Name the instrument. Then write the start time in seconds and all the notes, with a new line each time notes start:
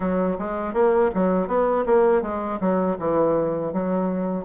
bassoon
0.00 F#3
0.38 G#3
0.73 A#3
1.14 F#3
1.47 B3
1.86 A#3
2.22 G#3
2.60 F#3
2.98 E3
3.72 F#3